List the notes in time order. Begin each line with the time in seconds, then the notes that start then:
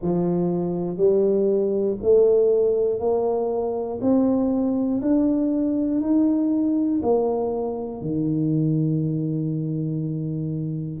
0.02 F3
0.97 G3
2.02 A3
3.00 A#3
4.00 C4
5.01 D4
6.00 D#4
7.02 A#3
8.00 D#3